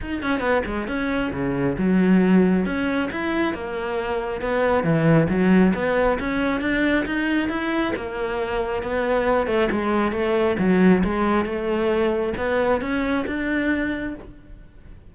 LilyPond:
\new Staff \with { instrumentName = "cello" } { \time 4/4 \tempo 4 = 136 dis'8 cis'8 b8 gis8 cis'4 cis4 | fis2 cis'4 e'4 | ais2 b4 e4 | fis4 b4 cis'4 d'4 |
dis'4 e'4 ais2 | b4. a8 gis4 a4 | fis4 gis4 a2 | b4 cis'4 d'2 | }